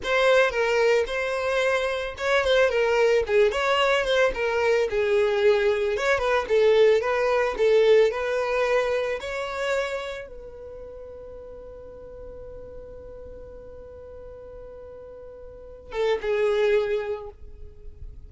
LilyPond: \new Staff \with { instrumentName = "violin" } { \time 4/4 \tempo 4 = 111 c''4 ais'4 c''2 | cis''8 c''8 ais'4 gis'8 cis''4 c''8 | ais'4 gis'2 cis''8 b'8 | a'4 b'4 a'4 b'4~ |
b'4 cis''2 b'4~ | b'1~ | b'1~ | b'4. a'8 gis'2 | }